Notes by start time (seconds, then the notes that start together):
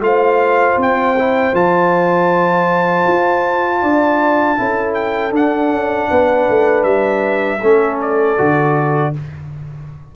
0.00 A3 F4 C5 F5
0.77 C4 G5
1.19 E4
1.54 F3 F4 A5
3.07 F4
3.82 D4 D5
4.57 C#4 E4 A4
4.94 G5
5.31 D4 F#5
5.69 C#4
6.10 B3 B4
6.49 A3
6.83 G3 E5
7.62 A3 C#4 A4
8.01 D5
8.38 D3 F#4